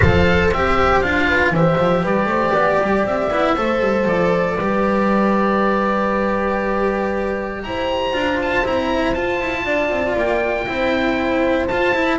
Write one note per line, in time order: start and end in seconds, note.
0.00 0.52 F3
0.00 0.52 A4
0.00 1.27 C5
0.00 0.48 F5
0.52 1.02 C4
0.52 1.03 G4
0.52 1.00 E5
1.00 1.50 D4
1.00 1.54 F4
1.00 1.51 F5
1.27 1.52 B4
1.50 1.76 E3
1.50 3.30 G4
1.50 2.02 C5
1.50 2.05 E5
1.78 2.03 F3
2.02 2.24 G3
2.02 2.27 B4
2.02 3.06 D5
2.24 2.50 A3
2.24 2.53 C5
2.53 2.79 B3
2.53 3.54 D5
2.81 3.03 G3
3.03 3.29 C4
3.03 4.07 E5
3.30 3.56 B3
3.30 3.56 E4
3.55 3.80 A3
3.55 4.58 A4
3.55 4.57 C5
3.80 4.05 G3
4.05 4.56 F3
4.05 7.63 D5
4.57 7.63 G3
4.57 8.13 G4
4.57 7.62 B4
7.63 8.13 E4
7.63 9.64 C5
7.63 8.39 A#5
8.13 8.64 D4
8.13 8.64 F4
8.41 8.66 A5
8.64 9.15 C4
8.64 9.15 E4
8.64 9.13 A#5
9.13 9.40 F4
9.13 10.66 F4
9.13 10.15 A5
9.41 9.65 E4
9.64 9.89 D4
9.64 10.66 D5
9.89 10.15 C4
10.16 10.67 A#3
10.16 11.67 G5
10.66 11.69 C4
10.66 11.68 E4
10.66 12.18 C5
11.67 11.94 F4
11.67 12.18 A5
11.94 12.18 E4